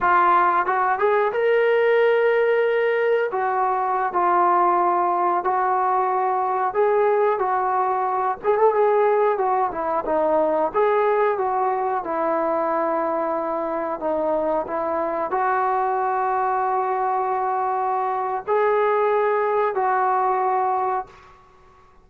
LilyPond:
\new Staff \with { instrumentName = "trombone" } { \time 4/4 \tempo 4 = 91 f'4 fis'8 gis'8 ais'2~ | ais'4 fis'4~ fis'16 f'4.~ f'16~ | f'16 fis'2 gis'4 fis'8.~ | fis'8. gis'16 a'16 gis'4 fis'8 e'8 dis'8.~ |
dis'16 gis'4 fis'4 e'4.~ e'16~ | e'4~ e'16 dis'4 e'4 fis'8.~ | fis'1 | gis'2 fis'2 | }